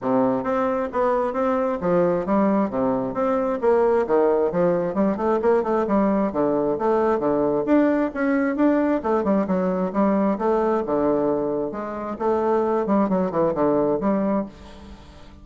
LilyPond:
\new Staff \with { instrumentName = "bassoon" } { \time 4/4 \tempo 4 = 133 c4 c'4 b4 c'4 | f4 g4 c4 c'4 | ais4 dis4 f4 g8 a8 | ais8 a8 g4 d4 a4 |
d4 d'4 cis'4 d'4 | a8 g8 fis4 g4 a4 | d2 gis4 a4~ | a8 g8 fis8 e8 d4 g4 | }